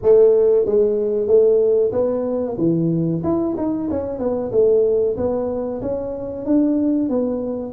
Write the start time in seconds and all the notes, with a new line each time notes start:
0.02 A3
0.65 G#3
1.27 A3
1.91 B3
2.57 E3
3.23 E4
3.57 D#4
3.90 C#4
4.18 B3
4.51 A3
5.16 B3
5.81 C#4
6.45 D4
7.09 B3